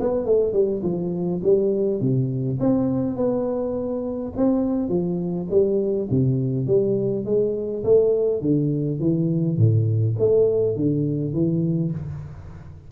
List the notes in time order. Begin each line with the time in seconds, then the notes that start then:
0.00 B3
0.25 A3
0.52 G3
0.83 F3
1.43 G3
2.00 C3
2.60 C4
3.16 B3
4.36 C4
4.89 F3
5.50 G3
6.10 C3
6.66 G3
7.25 G#3
7.83 A3
8.41 D3
8.99 E3
9.57 A2
10.18 A3
10.76 D3
11.33 E3